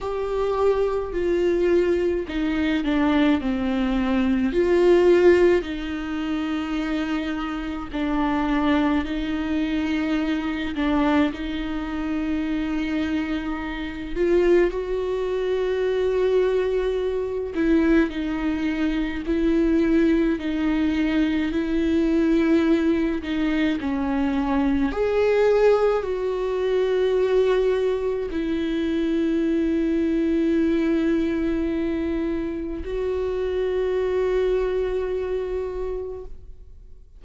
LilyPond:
\new Staff \with { instrumentName = "viola" } { \time 4/4 \tempo 4 = 53 g'4 f'4 dis'8 d'8 c'4 | f'4 dis'2 d'4 | dis'4. d'8 dis'2~ | dis'8 f'8 fis'2~ fis'8 e'8 |
dis'4 e'4 dis'4 e'4~ | e'8 dis'8 cis'4 gis'4 fis'4~ | fis'4 e'2.~ | e'4 fis'2. | }